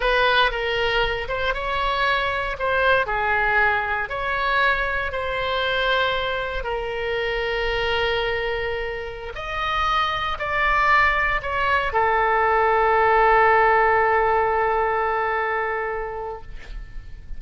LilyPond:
\new Staff \with { instrumentName = "oboe" } { \time 4/4 \tempo 4 = 117 b'4 ais'4. c''8 cis''4~ | cis''4 c''4 gis'2 | cis''2 c''2~ | c''4 ais'2.~ |
ais'2~ ais'16 dis''4.~ dis''16~ | dis''16 d''2 cis''4 a'8.~ | a'1~ | a'1 | }